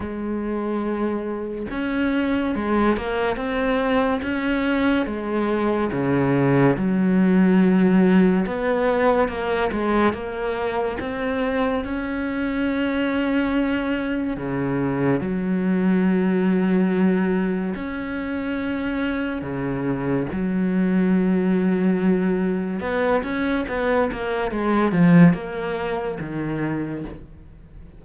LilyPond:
\new Staff \with { instrumentName = "cello" } { \time 4/4 \tempo 4 = 71 gis2 cis'4 gis8 ais8 | c'4 cis'4 gis4 cis4 | fis2 b4 ais8 gis8 | ais4 c'4 cis'2~ |
cis'4 cis4 fis2~ | fis4 cis'2 cis4 | fis2. b8 cis'8 | b8 ais8 gis8 f8 ais4 dis4 | }